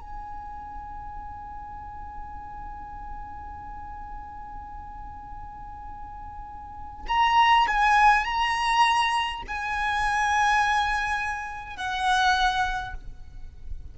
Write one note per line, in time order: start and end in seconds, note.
0.00 7.06 G#5
7.07 7.66 A#5
7.67 8.25 G#5
8.25 9.42 A#5
9.47 11.76 G#5
11.76 12.94 F#5